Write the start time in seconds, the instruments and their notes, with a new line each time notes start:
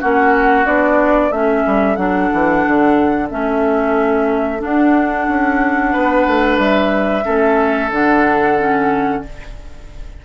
0.00 bassoon A#3, clarinet C#4, oboe F#4, flute F#5
0.65 bassoon B3, clarinet D4, flute D5
1.30 bassoon A3, clarinet C#4, oboe A4, flute E5
1.66 bassoon G3
1.95 bassoon F#3, clarinet D4, flute F#5
2.33 bassoon E3
2.66 bassoon D3
3.30 bassoon A3, clarinet C#4, flute E5
4.58 clarinet D4, bassoon D4, flute F#5
5.28 bassoon C#4
5.92 bassoon B3, oboe B4
6.27 bassoon A3
6.58 bassoon G3, flute E5
7.23 bassoon A3, clarinet C#4, oboe A4
7.90 bassoon D3, clarinet D4, flute F#5
8.58 clarinet C#4